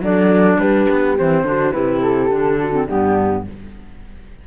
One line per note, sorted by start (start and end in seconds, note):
0.00 0.57 F#3
0.00 1.16 D4
0.00 0.59 A4
0.00 0.59 D5
0.58 0.87 G3
0.58 1.45 G4
0.58 1.17 B4
0.90 1.18 B3
1.17 1.43 E3
1.17 1.45 C4
1.17 1.72 C5
1.43 1.72 D3
1.43 1.72 D4
1.43 1.74 F#4
1.72 2.30 C3
1.72 2.29 E4
1.72 2.60 G4
1.72 2.00 B4
2.01 2.87 A4
2.30 2.87 D3
2.30 2.71 D4
2.60 2.87 F#4
2.71 2.86 C4
2.87 3.47 G2
2.87 3.44 B3
2.87 3.44 D4
2.87 3.44 G4